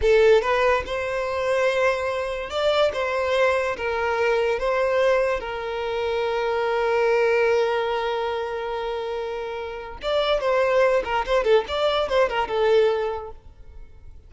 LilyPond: \new Staff \with { instrumentName = "violin" } { \time 4/4 \tempo 4 = 144 a'4 b'4 c''2~ | c''2 d''4 c''4~ | c''4 ais'2 c''4~ | c''4 ais'2.~ |
ais'1~ | ais'1 | d''4 c''4. ais'8 c''8 a'8 | d''4 c''8 ais'8 a'2 | }